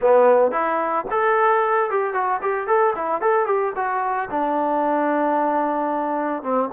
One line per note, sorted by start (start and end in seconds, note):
0.01 0.51 B3
0.51 1.05 E4
1.10 1.90 A4
1.90 2.13 G4
2.13 2.40 F#4
2.41 2.67 G4
2.67 2.94 A4
2.95 3.21 E4
3.21 3.46 A4
3.46 3.72 G4
3.75 4.29 F#4
4.30 6.42 D4
6.42 6.69 C4